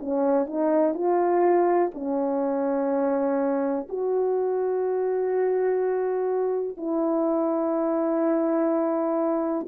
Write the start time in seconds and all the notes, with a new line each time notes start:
0.00 C#4
0.46 D#4
0.94 F4
1.94 C#4
3.89 F#4
6.77 E4